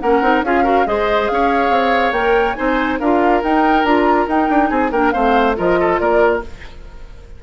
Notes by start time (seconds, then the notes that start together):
0.00 A#3 C#4 A#4 F#5
0.22 C4 D#4
0.42 C#4 F4 G#4 F5
0.64 F#4 A#4
0.86 G#3 G#4 C5 D#5
1.28 C#4 C#5 F5
1.70 C4
2.12 A#3 A#4 G5
2.54 C4 D#4 C5 G#5
3.00 D4 F4 A#4 F5
3.43 D#4 G5
3.84 D4 F4 A#5
4.27 D#4 G5
4.50 D4
4.69 C4 G#4 G#5
4.92 A#3 D4 A#4 G5
5.11 A3 C4 C5 F5
5.56 F3 F4 A#4 D#5
5.80 A4
5.99 A#3 A#4 D5